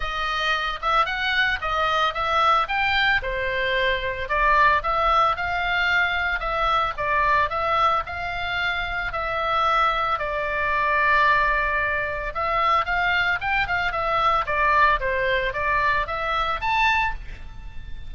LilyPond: \new Staff \with { instrumentName = "oboe" } { \time 4/4 \tempo 4 = 112 dis''4. e''8 fis''4 dis''4 | e''4 g''4 c''2 | d''4 e''4 f''2 | e''4 d''4 e''4 f''4~ |
f''4 e''2 d''4~ | d''2. e''4 | f''4 g''8 f''8 e''4 d''4 | c''4 d''4 e''4 a''4 | }